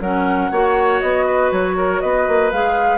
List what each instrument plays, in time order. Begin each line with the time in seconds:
0.00 bassoon F#3, clarinet C#4, oboe A#4, flute F#5
0.51 bassoon A#3, clarinet F#4, oboe C#5
1.00 bassoon B3, flute D#5
1.26 oboe B4
1.51 bassoon F#3, flute C#5
1.77 oboe A#4
2.00 bassoon B3, oboe B4, flute D#5
2.27 bassoon A#3
2.51 bassoon G#3, clarinet G#4, flute F5